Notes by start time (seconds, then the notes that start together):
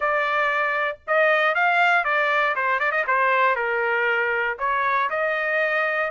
0.00 D5
1.07 D#5
1.54 F5
2.04 D5
2.55 C5
2.79 D5
2.91 D#5
3.07 C5
3.55 A#4
4.59 C#5
5.09 D#5